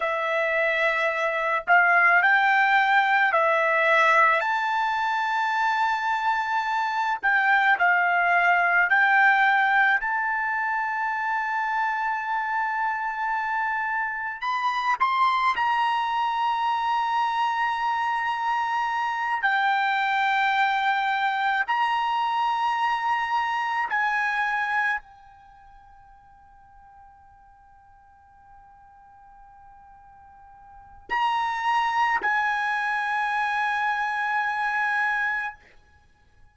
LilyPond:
\new Staff \with { instrumentName = "trumpet" } { \time 4/4 \tempo 4 = 54 e''4. f''8 g''4 e''4 | a''2~ a''8 g''8 f''4 | g''4 a''2.~ | a''4 b''8 c'''8 ais''2~ |
ais''4. g''2 ais''8~ | ais''4. gis''4 g''4.~ | g''1 | ais''4 gis''2. | }